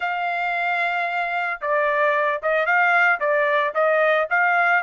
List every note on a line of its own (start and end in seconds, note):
0.00 1.60 F5
1.61 2.41 D5
2.42 2.65 D#5
2.65 3.19 F5
3.19 3.73 D5
3.74 4.28 D#5
4.30 4.83 F5